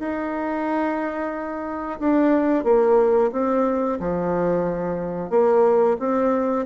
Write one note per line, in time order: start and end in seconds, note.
0.00 2.00 D#4
2.00 2.65 D4
2.65 3.31 A#3
3.33 3.99 C4
4.00 5.31 F3
5.31 5.97 A#3
6.00 6.66 C4